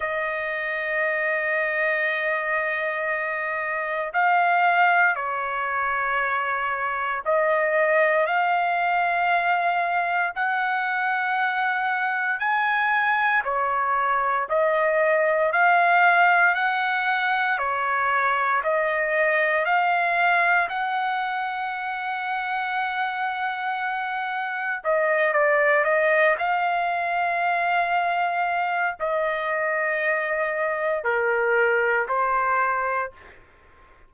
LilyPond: \new Staff \with { instrumentName = "trumpet" } { \time 4/4 \tempo 4 = 58 dis''1 | f''4 cis''2 dis''4 | f''2 fis''2 | gis''4 cis''4 dis''4 f''4 |
fis''4 cis''4 dis''4 f''4 | fis''1 | dis''8 d''8 dis''8 f''2~ f''8 | dis''2 ais'4 c''4 | }